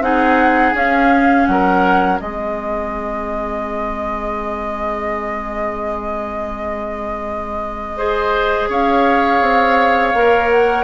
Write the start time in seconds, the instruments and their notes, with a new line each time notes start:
0.00 bassoon C4, clarinet D#4, oboe G#4, flute F#5
0.74 bassoon C#4, clarinet C#4, flute F5
1.46 bassoon F#3, oboe A#4, flute F#5
2.18 bassoon G#3, clarinet C4, oboe G#4, flute D#5
7.97 clarinet G#4, oboe C5
8.69 bassoon C#4, oboe C#5, flute F5
9.41 bassoon C4
10.14 bassoon A#3, clarinet A#4
10.50 flute F#5